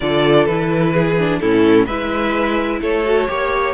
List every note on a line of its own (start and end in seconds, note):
0.00 0.46 D3
0.00 0.49 F4
0.00 0.92 A4
0.00 0.45 D5
0.45 1.40 E3
0.45 1.19 E4
0.45 1.39 B4
0.92 1.39 G#4
1.19 1.41 D4
1.40 1.87 A2
1.40 1.88 C#4
1.40 1.86 E4
1.40 1.86 A4
1.86 2.81 G#3
1.86 3.05 E4
1.86 2.79 B4
1.86 2.80 E5
2.81 3.28 A3
2.81 3.28 A4
2.81 3.74 C#5
3.05 3.27 F#4
3.27 3.74 A#3
3.27 3.74 G4
3.27 3.74 C#5